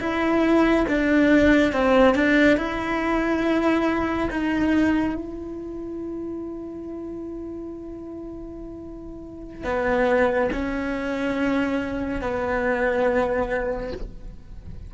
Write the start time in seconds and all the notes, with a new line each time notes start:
0.00 E4
0.88 D4
1.73 C4
2.15 D4
2.58 E4
4.31 D#4
5.15 E4
9.64 B3
10.52 C#4
12.21 B3